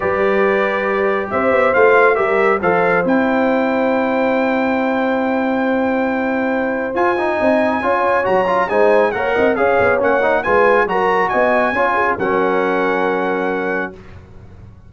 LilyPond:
<<
  \new Staff \with { instrumentName = "trumpet" } { \time 4/4 \tempo 4 = 138 d''2. e''4 | f''4 e''4 f''4 g''4~ | g''1~ | g''1 |
gis''2. ais''4 | gis''4 fis''4 f''4 fis''4 | gis''4 ais''4 gis''2 | fis''1 | }
  \new Staff \with { instrumentName = "horn" } { \time 4/4 b'2. c''4~ | c''4 ais'4 c''2~ | c''1~ | c''1~ |
c''4 dis''4 cis''2 | c''4 cis''8 dis''8 cis''2 | b'4 ais'4 dis''4 cis''8 gis'8 | ais'1 | }
  \new Staff \with { instrumentName = "trombone" } { \time 4/4 g'1 | f'4 g'4 a'4 e'4~ | e'1~ | e'1 |
f'8 dis'4. f'4 fis'8 f'8 | dis'4 ais'4 gis'4 cis'8 dis'8 | f'4 fis'2 f'4 | cis'1 | }
  \new Staff \with { instrumentName = "tuba" } { \time 4/4 g2. c'8 b8 | a4 g4 f4 c'4~ | c'1~ | c'1 |
f'4 c'4 cis'4 fis4 | gis4 ais8 c'8 cis'8 b8 ais4 | gis4 fis4 b4 cis'4 | fis1 | }
>>